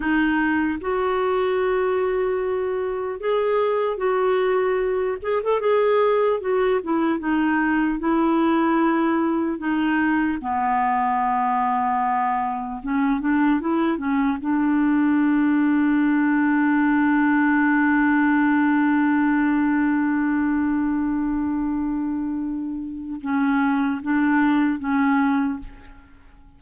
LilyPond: \new Staff \with { instrumentName = "clarinet" } { \time 4/4 \tempo 4 = 75 dis'4 fis'2. | gis'4 fis'4. gis'16 a'16 gis'4 | fis'8 e'8 dis'4 e'2 | dis'4 b2. |
cis'8 d'8 e'8 cis'8 d'2~ | d'1~ | d'1~ | d'4 cis'4 d'4 cis'4 | }